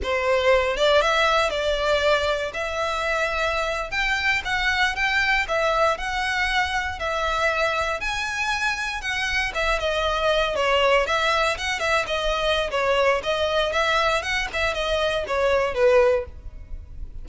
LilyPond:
\new Staff \with { instrumentName = "violin" } { \time 4/4 \tempo 4 = 118 c''4. d''8 e''4 d''4~ | d''4 e''2~ e''8. g''16~ | g''8. fis''4 g''4 e''4 fis''16~ | fis''4.~ fis''16 e''2 gis''16~ |
gis''4.~ gis''16 fis''4 e''8 dis''8.~ | dis''8. cis''4 e''4 fis''8 e''8 dis''16~ | dis''4 cis''4 dis''4 e''4 | fis''8 e''8 dis''4 cis''4 b'4 | }